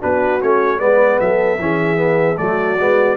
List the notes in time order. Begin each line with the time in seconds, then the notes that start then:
0.00 B3 D4 F#4 B4
0.40 A3 C#4 C#5
0.79 G#3 B3 B4 D5
1.20 F#3 A4 E5
1.59 E3 C#4 G#4
1.96 B3
2.37 F#3 A3 F#4 D5
2.80 G#3 B3